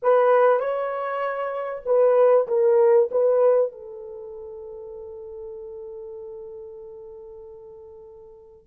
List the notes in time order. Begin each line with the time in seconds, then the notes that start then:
0.02 B4
0.59 C#5
1.85 B4
2.47 A#4
3.11 B4
3.72 A4